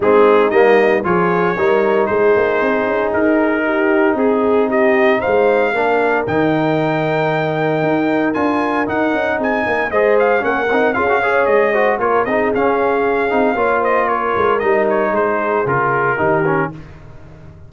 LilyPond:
<<
  \new Staff \with { instrumentName = "trumpet" } { \time 4/4 \tempo 4 = 115 gis'4 dis''4 cis''2 | c''2 ais'2 | gis'4 dis''4 f''2 | g''1 |
gis''4 fis''4 gis''4 dis''8 f''8 | fis''4 f''4 dis''4 cis''8 dis''8 | f''2~ f''8 dis''8 cis''4 | dis''8 cis''8 c''4 ais'2 | }
  \new Staff \with { instrumentName = "horn" } { \time 4/4 dis'2 gis'4 ais'4 | gis'2. g'4 | gis'4 g'4 c''4 ais'4~ | ais'1~ |
ais'2 gis'8 ais'8 c''4 | ais'4 gis'8 cis''4 c''8 ais'8 gis'8~ | gis'2 cis''8 c''8 ais'4~ | ais'4 gis'2 g'4 | }
  \new Staff \with { instrumentName = "trombone" } { \time 4/4 c'4 ais4 f'4 dis'4~ | dis'1~ | dis'2. d'4 | dis'1 |
f'4 dis'2 gis'4 | cis'8 dis'8 f'16 fis'16 gis'4 fis'8 f'8 dis'8 | cis'4. dis'8 f'2 | dis'2 f'4 dis'8 cis'8 | }
  \new Staff \with { instrumentName = "tuba" } { \time 4/4 gis4 g4 f4 g4 | gis8 ais8 c'8 cis'8 dis'2 | c'2 gis4 ais4 | dis2. dis'4 |
d'4 dis'8 cis'8 c'8 ais8 gis4 | ais8 c'8 cis'4 gis4 ais8 c'8 | cis'4. c'8 ais4. gis8 | g4 gis4 cis4 dis4 | }
>>